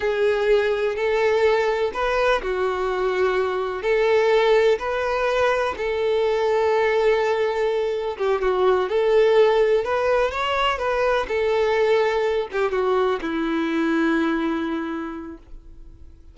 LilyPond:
\new Staff \with { instrumentName = "violin" } { \time 4/4 \tempo 4 = 125 gis'2 a'2 | b'4 fis'2. | a'2 b'2 | a'1~ |
a'4 g'8 fis'4 a'4.~ | a'8 b'4 cis''4 b'4 a'8~ | a'2 g'8 fis'4 e'8~ | e'1 | }